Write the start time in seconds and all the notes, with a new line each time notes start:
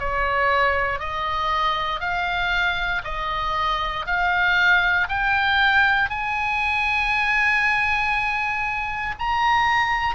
0.00 C#5
1.00 D#5
2.01 F5
3.05 D#5
4.07 F5
5.09 G5
6.10 G#5
9.19 A#5